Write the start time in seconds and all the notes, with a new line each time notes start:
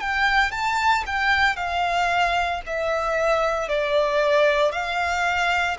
0.00 G5
0.52 A5
1.06 G5
1.56 F5
2.66 E5
3.68 D5
4.72 F5